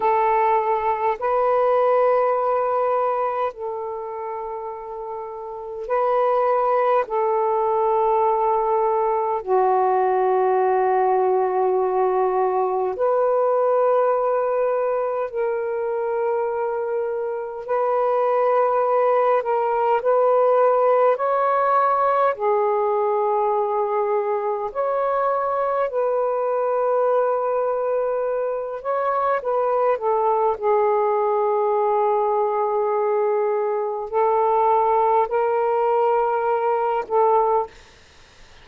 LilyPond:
\new Staff \with { instrumentName = "saxophone" } { \time 4/4 \tempo 4 = 51 a'4 b'2 a'4~ | a'4 b'4 a'2 | fis'2. b'4~ | b'4 ais'2 b'4~ |
b'8 ais'8 b'4 cis''4 gis'4~ | gis'4 cis''4 b'2~ | b'8 cis''8 b'8 a'8 gis'2~ | gis'4 a'4 ais'4. a'8 | }